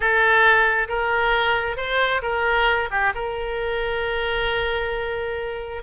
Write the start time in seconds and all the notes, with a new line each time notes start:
0.00 A4
0.88 A#4
1.76 C5
2.22 A#4
2.91 G4
3.14 A#4